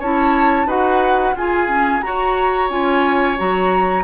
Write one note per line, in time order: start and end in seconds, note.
0.00 0.66 C#4
0.00 0.67 E4
0.00 0.67 C#5
0.00 0.70 A5
0.66 1.34 D#4
0.66 1.35 F#4
0.66 1.35 B4
0.66 1.37 F#5
1.35 2.02 F4
1.35 1.68 F4
1.35 2.05 G#4
1.35 2.02 G#5
1.68 2.02 C#4
2.02 2.70 F#4
2.02 4.05 C#5
2.02 2.70 A#5
2.70 3.38 C#4
2.70 3.37 F4
2.70 3.38 G#5
3.38 4.05 F#3
3.38 4.05 F#4
3.38 4.05 A#5